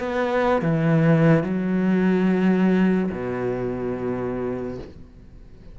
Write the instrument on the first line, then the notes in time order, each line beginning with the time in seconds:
cello
0.00 B3
0.62 E3
1.44 F#3
3.12 B2